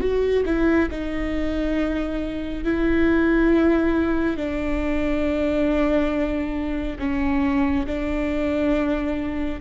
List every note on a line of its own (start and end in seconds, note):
0.00 0.43 F#4
0.45 0.89 E4
0.91 2.64 D#4
2.64 4.37 E4
4.37 6.98 D4
6.99 7.86 C#4
7.86 9.60 D4